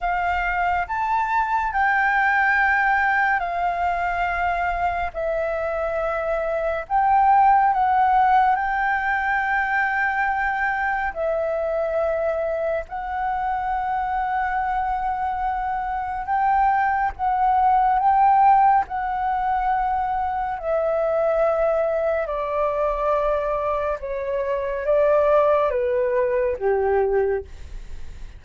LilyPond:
\new Staff \with { instrumentName = "flute" } { \time 4/4 \tempo 4 = 70 f''4 a''4 g''2 | f''2 e''2 | g''4 fis''4 g''2~ | g''4 e''2 fis''4~ |
fis''2. g''4 | fis''4 g''4 fis''2 | e''2 d''2 | cis''4 d''4 b'4 g'4 | }